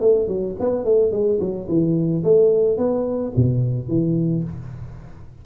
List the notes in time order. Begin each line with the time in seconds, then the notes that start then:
0.00 A3
0.28 F#3
0.60 B3
0.84 A3
1.12 G#3
1.40 F#3
1.68 E3
2.24 A3
2.77 B3
3.36 B2
3.88 E3